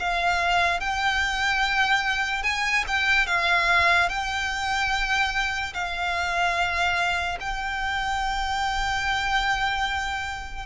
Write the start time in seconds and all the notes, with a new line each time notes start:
0.00 F5
0.81 G5
2.43 G#5
2.88 G5
3.27 F5
4.09 G5
5.74 F5
7.40 G5